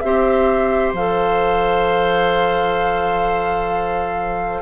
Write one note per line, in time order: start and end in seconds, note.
0.00 0.93 C4
0.00 0.96 G4
0.00 4.62 C5
0.00 0.92 E5
0.93 4.62 F3
0.93 4.62 A4
0.93 4.62 F5